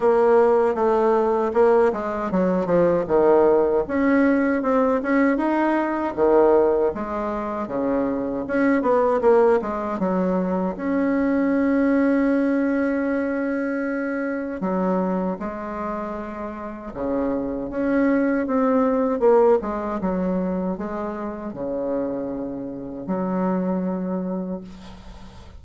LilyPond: \new Staff \with { instrumentName = "bassoon" } { \time 4/4 \tempo 4 = 78 ais4 a4 ais8 gis8 fis8 f8 | dis4 cis'4 c'8 cis'8 dis'4 | dis4 gis4 cis4 cis'8 b8 | ais8 gis8 fis4 cis'2~ |
cis'2. fis4 | gis2 cis4 cis'4 | c'4 ais8 gis8 fis4 gis4 | cis2 fis2 | }